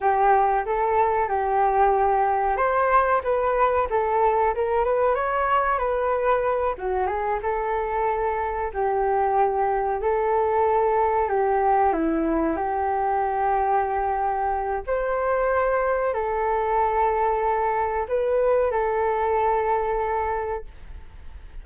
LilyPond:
\new Staff \with { instrumentName = "flute" } { \time 4/4 \tempo 4 = 93 g'4 a'4 g'2 | c''4 b'4 a'4 ais'8 b'8 | cis''4 b'4. fis'8 gis'8 a'8~ | a'4. g'2 a'8~ |
a'4. g'4 e'4 g'8~ | g'2. c''4~ | c''4 a'2. | b'4 a'2. | }